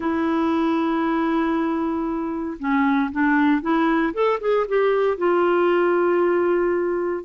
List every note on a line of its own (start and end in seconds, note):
0.00 2.57 E4
2.59 3.11 C#4
3.11 3.61 D4
3.61 4.13 E4
4.13 4.39 A4
4.40 4.66 G#4
4.68 5.17 G4
5.17 7.24 F4